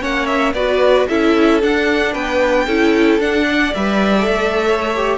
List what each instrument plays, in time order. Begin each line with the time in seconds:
0.00 cello A#3, viola C#4, violin C#5 F#5
0.26 violin E5
0.53 cello B3, viola F#4, violin B4 D5
1.07 cello C#4, viola E4, violin A4 E5
1.61 viola D4, cello D4, violin F#5
2.12 cello B3, violin B4 G5
2.66 cello C#4, viola E4, violin A4
3.19 cello D4, viola D4, violin F#5
3.47 violin D5
3.73 cello G3, viola B4, violin E5
4.17 viola A4
4.26 cello A3
4.65 violin C#5
4.95 viola G4